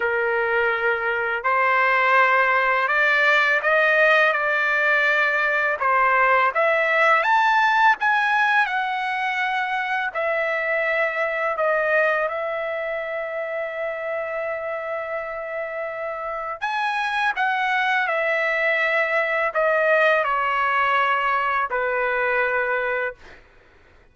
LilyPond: \new Staff \with { instrumentName = "trumpet" } { \time 4/4 \tempo 4 = 83 ais'2 c''2 | d''4 dis''4 d''2 | c''4 e''4 a''4 gis''4 | fis''2 e''2 |
dis''4 e''2.~ | e''2. gis''4 | fis''4 e''2 dis''4 | cis''2 b'2 | }